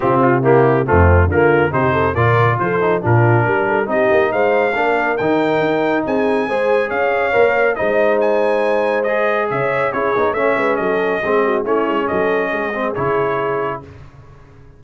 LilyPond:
<<
  \new Staff \with { instrumentName = "trumpet" } { \time 4/4 \tempo 4 = 139 g'8 f'8 g'4 f'4 ais'4 | c''4 d''4 c''4 ais'4~ | ais'4 dis''4 f''2 | g''2 gis''2 |
f''2 dis''4 gis''4~ | gis''4 dis''4 e''4 cis''4 | e''4 dis''2 cis''4 | dis''2 cis''2 | }
  \new Staff \with { instrumentName = "horn" } { \time 4/4 f'4 e'4 c'4 f'4 | g'8 a'8 ais'4 a'4 f'4 | ais'8 a'8 g'4 c''4 ais'4~ | ais'2 gis'4 c''4 |
cis''2 c''2~ | c''2 cis''4 gis'4 | cis''8 b'8 a'4 gis'8 fis'8 e'4 | a'4 gis'2. | }
  \new Staff \with { instrumentName = "trombone" } { \time 4/4 c'4 ais4 a4 ais4 | dis'4 f'4. dis'8 d'4~ | d'4 dis'2 d'4 | dis'2. gis'4~ |
gis'4 ais'4 dis'2~ | dis'4 gis'2 e'8 dis'8 | cis'2 c'4 cis'4~ | cis'4. c'8 e'2 | }
  \new Staff \with { instrumentName = "tuba" } { \time 4/4 c2 f,4 d4 | c4 ais,4 f4 ais,4 | g4 c'8 ais8 gis4 ais4 | dis4 dis'4 c'4 gis4 |
cis'4 ais4 gis2~ | gis2 cis4 cis'8 b8 | a8 gis8 fis4 gis4 a8 gis8 | fis4 gis4 cis2 | }
>>